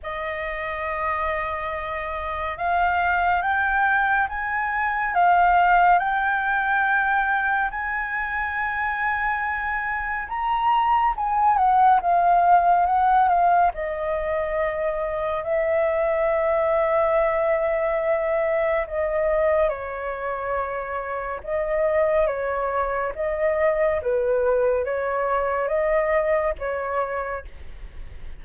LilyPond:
\new Staff \with { instrumentName = "flute" } { \time 4/4 \tempo 4 = 70 dis''2. f''4 | g''4 gis''4 f''4 g''4~ | g''4 gis''2. | ais''4 gis''8 fis''8 f''4 fis''8 f''8 |
dis''2 e''2~ | e''2 dis''4 cis''4~ | cis''4 dis''4 cis''4 dis''4 | b'4 cis''4 dis''4 cis''4 | }